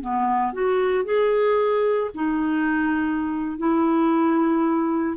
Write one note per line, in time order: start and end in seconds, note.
0.00 0.52 B3
0.52 1.04 F#4
1.04 2.10 G#4
2.14 3.58 D#4
3.58 5.17 E4